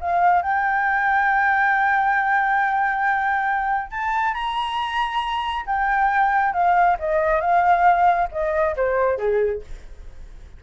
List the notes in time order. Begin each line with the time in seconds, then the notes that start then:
0.00 F5
0.42 G5
3.90 A5
4.34 A#5
5.66 G5
6.53 F5
6.99 D#5
7.40 F5
8.31 D#5
8.76 C5
9.17 G#4